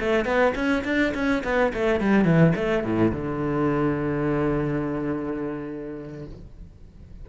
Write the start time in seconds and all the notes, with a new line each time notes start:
0.00 A3
0.25 B3
0.55 C#4
0.85 D4
1.15 C#4
1.44 B3
1.74 A3
2.01 G3
2.25 E3
2.56 A3
2.84 A2
3.12 D3